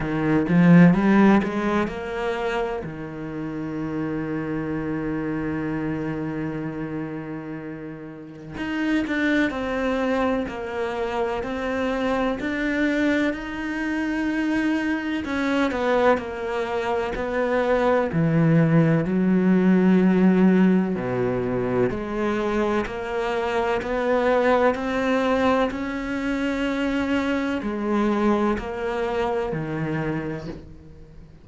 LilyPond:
\new Staff \with { instrumentName = "cello" } { \time 4/4 \tempo 4 = 63 dis8 f8 g8 gis8 ais4 dis4~ | dis1~ | dis4 dis'8 d'8 c'4 ais4 | c'4 d'4 dis'2 |
cis'8 b8 ais4 b4 e4 | fis2 b,4 gis4 | ais4 b4 c'4 cis'4~ | cis'4 gis4 ais4 dis4 | }